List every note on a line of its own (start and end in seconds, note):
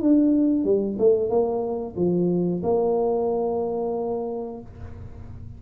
0.00 0.64 D4
0.64 0.97 G3
0.98 1.29 A3
1.29 1.95 A#3
1.95 2.61 F3
2.63 4.61 A#3